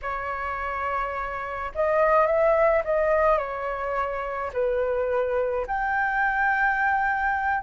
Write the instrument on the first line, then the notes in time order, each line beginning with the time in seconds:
flute
0.02 C#5
1.74 D#5
2.26 E5
2.84 D#5
3.38 C#5
4.53 B4
5.67 G5